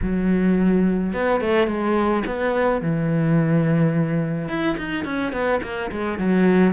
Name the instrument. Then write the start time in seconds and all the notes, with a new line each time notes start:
cello
0.02 F#3
1.13 B3
1.40 A3
1.67 G#3
2.26 B3
2.81 E3
4.48 E4
4.77 D#4
5.04 C#4
5.32 B3
5.62 A#3
5.91 G#3
6.18 F#3